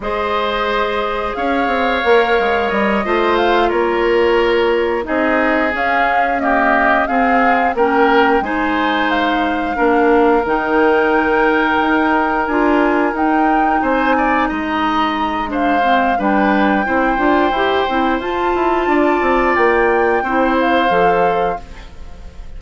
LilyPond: <<
  \new Staff \with { instrumentName = "flute" } { \time 4/4 \tempo 4 = 89 dis''2 f''2 | dis''4 f''8 cis''2 dis''8~ | dis''8 f''4 dis''4 f''4 g''8~ | g''8 gis''4 f''2 g''8~ |
g''2~ g''8 gis''4 g''8~ | g''8 gis''4 ais''4. f''4 | g''2. a''4~ | a''4 g''4. f''4. | }
  \new Staff \with { instrumentName = "oboe" } { \time 4/4 c''2 cis''2~ | cis''8 c''4 ais'2 gis'8~ | gis'4. g'4 gis'4 ais'8~ | ais'8 c''2 ais'4.~ |
ais'1~ | ais'8 c''8 d''8 dis''4. c''4 | b'4 c''2. | d''2 c''2 | }
  \new Staff \with { instrumentName = "clarinet" } { \time 4/4 gis'2. ais'4~ | ais'8 f'2. dis'8~ | dis'8 cis'4 ais4 c'4 cis'8~ | cis'8 dis'2 d'4 dis'8~ |
dis'2~ dis'8 f'4 dis'8~ | dis'2. d'8 c'8 | d'4 e'8 f'8 g'8 e'8 f'4~ | f'2 e'4 a'4 | }
  \new Staff \with { instrumentName = "bassoon" } { \time 4/4 gis2 cis'8 c'8 ais8 gis8 | g8 a4 ais2 c'8~ | c'8 cis'2 c'4 ais8~ | ais8 gis2 ais4 dis8~ |
dis4. dis'4 d'4 dis'8~ | dis'8 c'4 gis2~ gis8 | g4 c'8 d'8 e'8 c'8 f'8 e'8 | d'8 c'8 ais4 c'4 f4 | }
>>